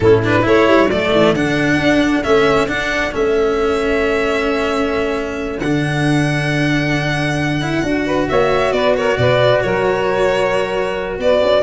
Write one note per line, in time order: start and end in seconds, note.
0.00 0.43 A2
0.00 0.24 C#4
0.00 0.43 E4
0.00 0.22 A4
0.24 0.42 D4
0.24 0.46 B4
0.42 0.67 A3
0.42 0.86 E4
0.42 8.04 A4
0.42 0.90 C#5
0.67 0.88 G3
0.88 1.11 F#3
0.88 1.35 A3
0.88 1.34 D5
1.11 1.32 E3
1.32 1.76 D3
1.32 2.23 D4
1.32 2.23 F#5
1.76 2.21 D4
2.23 2.68 A3
2.23 2.67 C#4
2.23 2.67 E5
2.67 3.11 D4
2.67 3.13 D4
2.67 3.13 F#5
3.11 5.60 A3
3.11 5.58 C#4
3.11 5.59 E5
5.59 7.82 D3
5.59 7.61 D4
5.59 8.28 F#5
7.61 7.83 E4
7.82 8.27 D4
7.82 11.62 F#4
8.05 8.28 B4
8.28 8.72 A#3
8.28 8.74 C#5
8.28 8.72 E5
8.72 9.16 B3
8.72 8.97 B4
8.72 8.94 D5
8.97 9.19 A#4
8.97 9.17 C#5
9.17 9.62 B2
9.17 9.64 B4
9.17 9.61 D5
9.61 11.18 F#3
9.61 11.20 A#4
9.61 11.17 C#5
11.18 11.40 B3
11.18 11.62 B4
11.18 11.62 D5
11.41 11.62 C#4